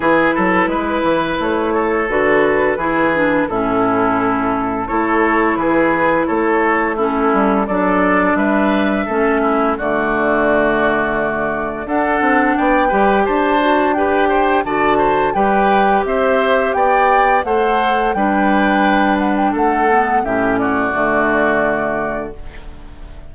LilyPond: <<
  \new Staff \with { instrumentName = "flute" } { \time 4/4 \tempo 4 = 86 b'2 cis''4 b'4~ | b'4 a'2 cis''4 | b'4 cis''4 a'4 d''4 | e''2 d''2~ |
d''4 fis''4 g''4 a''4 | g''4 a''4 g''4 e''4 | g''4 fis''4 g''4. fis''16 g''16 | fis''4 e''8 d''2~ d''8 | }
  \new Staff \with { instrumentName = "oboe" } { \time 4/4 gis'8 a'8 b'4. a'4. | gis'4 e'2 a'4 | gis'4 a'4 e'4 a'4 | b'4 a'8 e'8 fis'2~ |
fis'4 a'4 d''8 b'8 c''4 | b'8 c''8 d''8 c''8 b'4 c''4 | d''4 c''4 b'2 | a'4 g'8 fis'2~ fis'8 | }
  \new Staff \with { instrumentName = "clarinet" } { \time 4/4 e'2. fis'4 | e'8 d'8 cis'2 e'4~ | e'2 cis'4 d'4~ | d'4 cis'4 a2~ |
a4 d'4. g'4 fis'8 | g'4 fis'4 g'2~ | g'4 a'4 d'2~ | d'8 b8 cis'4 a2 | }
  \new Staff \with { instrumentName = "bassoon" } { \time 4/4 e8 fis8 gis8 e8 a4 d4 | e4 a,2 a4 | e4 a4. g8 fis4 | g4 a4 d2~ |
d4 d'8 c'8 b8 g8 d'4~ | d'4 d4 g4 c'4 | b4 a4 g2 | a4 a,4 d2 | }
>>